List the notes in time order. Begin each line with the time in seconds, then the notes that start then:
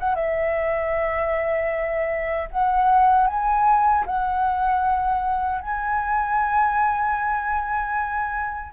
0.00 F#5
0.15 E5
2.51 F#5
3.27 G#5
4.07 F#5
5.61 G#5